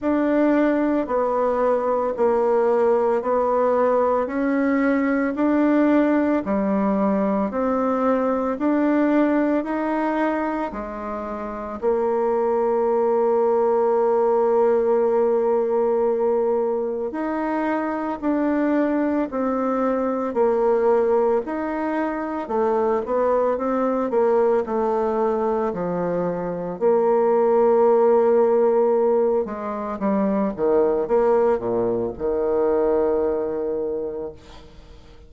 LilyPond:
\new Staff \with { instrumentName = "bassoon" } { \time 4/4 \tempo 4 = 56 d'4 b4 ais4 b4 | cis'4 d'4 g4 c'4 | d'4 dis'4 gis4 ais4~ | ais1 |
dis'4 d'4 c'4 ais4 | dis'4 a8 b8 c'8 ais8 a4 | f4 ais2~ ais8 gis8 | g8 dis8 ais8 ais,8 dis2 | }